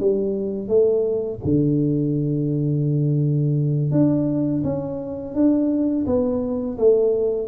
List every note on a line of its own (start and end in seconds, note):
0.00 0.69 G3
0.69 1.40 A3
1.44 3.92 D3
3.92 4.63 D4
4.64 5.35 C#4
5.35 6.06 D4
6.06 6.78 B3
6.78 7.48 A3